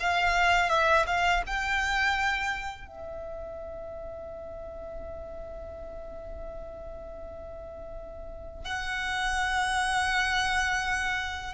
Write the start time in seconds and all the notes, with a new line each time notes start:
0.00 F5
0.70 E5
1.07 F5
1.47 G5
2.88 E5
8.65 F#5